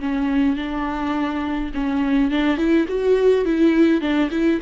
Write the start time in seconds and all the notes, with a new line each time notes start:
0.00 C#4
0.56 D4
1.74 C#4
2.31 D4
2.58 E4
2.88 F#4
3.45 E4
4.01 D4
4.31 E4